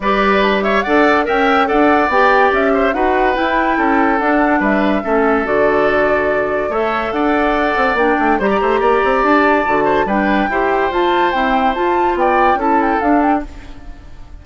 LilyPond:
<<
  \new Staff \with { instrumentName = "flute" } { \time 4/4 \tempo 4 = 143 d''4 d'8 e''8 fis''4 g''4 | fis''4 g''4 e''4 fis''4 | g''2 fis''4 e''4~ | e''4 d''2. |
e''4 fis''2 g''4 | ais''2 a''2 | g''2 a''4 g''4 | a''4 g''4 a''8 g''8 f''8 g''8 | }
  \new Staff \with { instrumentName = "oboe" } { \time 4/4 b'4. cis''8 d''4 e''4 | d''2~ d''8 c''8 b'4~ | b'4 a'2 b'4 | a'1 |
cis''4 d''2. | c''16 d''16 c''8 d''2~ d''8 c''8 | b'4 c''2.~ | c''4 d''4 a'2 | }
  \new Staff \with { instrumentName = "clarinet" } { \time 4/4 g'2 a'4 ais'4 | a'4 g'2 fis'4 | e'2 d'2 | cis'4 fis'2. |
a'2. d'4 | g'2. fis'4 | d'4 g'4 f'4 c'4 | f'2 e'4 d'4 | }
  \new Staff \with { instrumentName = "bassoon" } { \time 4/4 g2 d'4 cis'4 | d'4 b4 cis'4 dis'4 | e'4 cis'4 d'4 g4 | a4 d2. |
a4 d'4. c'8 ais8 a8 | g8 a8 ais8 c'8 d'4 d4 | g4 e'4 f'4 e'4 | f'4 b4 cis'4 d'4 | }
>>